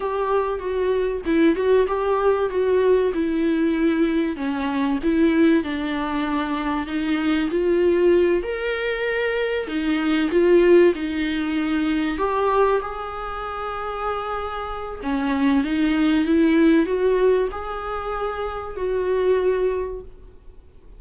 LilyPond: \new Staff \with { instrumentName = "viola" } { \time 4/4 \tempo 4 = 96 g'4 fis'4 e'8 fis'8 g'4 | fis'4 e'2 cis'4 | e'4 d'2 dis'4 | f'4. ais'2 dis'8~ |
dis'8 f'4 dis'2 g'8~ | g'8 gis'2.~ gis'8 | cis'4 dis'4 e'4 fis'4 | gis'2 fis'2 | }